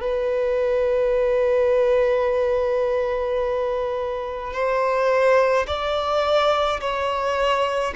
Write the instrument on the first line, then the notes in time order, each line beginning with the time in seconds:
violin
0.00 B4
4.53 C5
5.67 D5
6.80 C#5